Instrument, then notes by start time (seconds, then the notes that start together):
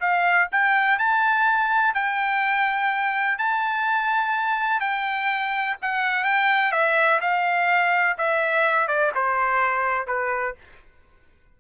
trumpet
0.00 F5
0.52 G5
0.99 A5
1.94 G5
3.38 A5
4.80 G5
5.82 F#5
6.24 G5
6.72 E5
7.21 F5
8.18 E5
8.88 D5
9.15 C5
10.07 B4